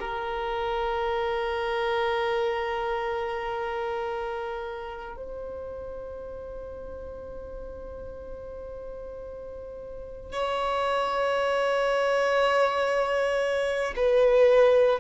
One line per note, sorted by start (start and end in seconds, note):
0.00 5.17 A#4
5.17 10.32 C5
10.32 13.94 C#5
13.97 15.00 B4